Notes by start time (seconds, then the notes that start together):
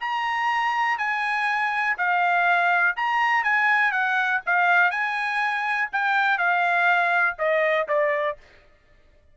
0.00 A#5
0.98 G#5
1.97 F5
2.96 A#5
3.43 G#5
3.91 F#5
4.46 F5
4.90 G#5
5.92 G5
6.38 F5
7.38 D#5
7.88 D5